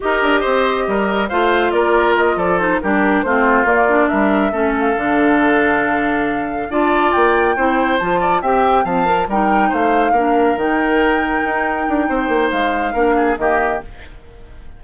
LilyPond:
<<
  \new Staff \with { instrumentName = "flute" } { \time 4/4 \tempo 4 = 139 dis''2. f''4 | d''4 dis''8 d''8 c''8 ais'4 c''8~ | c''8 d''4 e''4. f''4~ | f''2.~ f''8 a''8~ |
a''8 g''2 a''4 g''8~ | g''8 a''4 g''4 f''4.~ | f''8 g''2.~ g''8~ | g''4 f''2 dis''4 | }
  \new Staff \with { instrumentName = "oboe" } { \time 4/4 ais'4 c''4 ais'4 c''4 | ais'4. a'4 g'4 f'8~ | f'4. ais'4 a'4.~ | a'2.~ a'8 d''8~ |
d''4. c''4. d''8 e''8~ | e''8 f''4 ais'4 c''4 ais'8~ | ais'1 | c''2 ais'8 gis'8 g'4 | }
  \new Staff \with { instrumentName = "clarinet" } { \time 4/4 g'2. f'4~ | f'2 dis'8 d'4 c'8~ | c'8 ais8 d'4. cis'4 d'8~ | d'2.~ d'8 f'8~ |
f'4. e'4 f'4 g'8~ | g'8 c'8 ais'8 dis'2 d'8~ | d'8 dis'2.~ dis'8~ | dis'2 d'4 ais4 | }
  \new Staff \with { instrumentName = "bassoon" } { \time 4/4 dis'8 d'8 c'4 g4 a4 | ais4. f4 g4 a8~ | a8 ais4 g4 a4 d8~ | d2.~ d8 d'8~ |
d'8 ais4 c'4 f4 c'8~ | c'8 f4 g4 a4 ais8~ | ais8 dis2 dis'4 d'8 | c'8 ais8 gis4 ais4 dis4 | }
>>